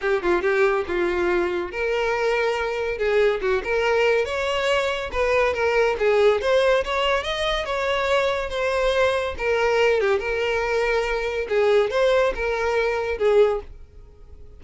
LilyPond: \new Staff \with { instrumentName = "violin" } { \time 4/4 \tempo 4 = 141 g'8 f'8 g'4 f'2 | ais'2. gis'4 | fis'8 ais'4. cis''2 | b'4 ais'4 gis'4 c''4 |
cis''4 dis''4 cis''2 | c''2 ais'4. g'8 | ais'2. gis'4 | c''4 ais'2 gis'4 | }